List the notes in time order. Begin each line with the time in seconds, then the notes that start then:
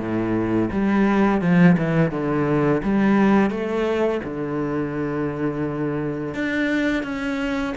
0.00 A2
0.72 G3
1.42 F3
1.78 E3
2.12 D3
2.83 G3
3.51 A3
4.24 D3
6.35 D4
7.04 C#4